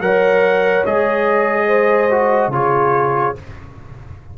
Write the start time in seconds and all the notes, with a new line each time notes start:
0.00 F#3 A#4 C#5 F#5
0.86 G#3 G#4 D#5
1.67 C5
2.10 F#4
2.47 C#3 F4 C#5
2.54 G#4